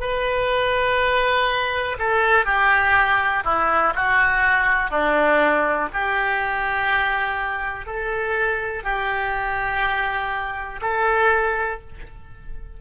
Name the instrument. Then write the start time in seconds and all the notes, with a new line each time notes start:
oboe
0.00 B4
1.99 A4
2.45 G4
3.44 E4
3.95 F#4
4.90 D4
5.93 G4
7.86 A4
8.83 G4
10.82 A4